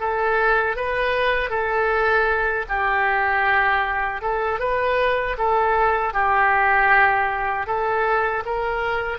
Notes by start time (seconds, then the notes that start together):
0.00 A4
0.76 B4
1.50 A4
2.69 G4
4.21 A4
4.59 B4
5.38 A4
6.14 G4
7.66 A4
8.45 A#4